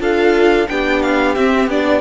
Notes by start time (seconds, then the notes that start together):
0.00 D4 F4 A4 F5
0.69 B3 D4 G4 G5
1.02 F5
1.35 C4 E5
1.68 B3 D4 D5